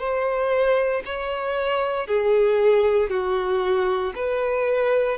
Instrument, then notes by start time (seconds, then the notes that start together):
violin
0.00 C5
1.05 C#5
2.07 G#4
3.10 F#4
4.16 B4